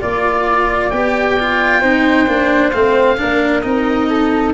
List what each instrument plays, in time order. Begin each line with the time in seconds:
0.00 tuba A#3, cello F4, flute D5, oboe D5
0.90 tuba B3, cello G4, oboe G5
1.39 cello F4
1.80 tuba C4, cello D#4, flute C5
2.27 tuba A#3, cello D4
2.71 tuba A3, cello C4, oboe F5
3.17 tuba A#3, cello D4, flute A#4
3.62 tuba C4, cello D#4, oboe D#5
4.09 flute A4